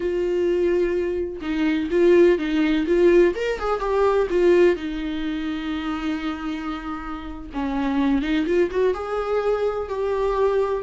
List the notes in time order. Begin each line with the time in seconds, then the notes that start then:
0.00 F4
1.41 D#4
1.90 F4
2.38 D#4
2.86 F4
3.35 A#4
3.59 G#4
3.80 G4
4.30 F4
4.76 D#4
7.53 C#4
8.21 D#4
8.46 F4
8.70 F#4
8.94 G#4
9.88 G4